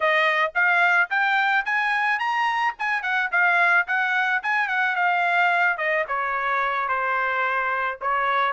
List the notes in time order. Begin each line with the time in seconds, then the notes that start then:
0.00 D#5
0.54 F5
1.10 G5
1.65 G#5
2.19 A#5
2.78 G#5
3.02 F#5
3.31 F5
3.87 F#5
4.42 G#5
4.68 F#5
4.95 F5
5.77 D#5
6.08 C#5
6.88 C5
8.01 C#5